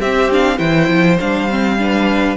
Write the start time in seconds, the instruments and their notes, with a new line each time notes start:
0.00 cello C4, viola C4, violin G4 E5
0.32 viola D4, violin F5
0.57 cello E3, viola E4, violin C5 G5
0.89 cello F3
1.20 cello G3, viola D4, violin F5
1.50 viola C4
1.79 viola D4, violin B4